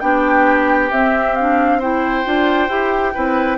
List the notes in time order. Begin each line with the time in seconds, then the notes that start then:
0.00 B3 D4 G4 G5
0.90 C4 E5
1.35 D4 F5
1.79 E4 C5 G5
2.25 D4 F4
2.69 E4 G4
3.14 C4 E4 B4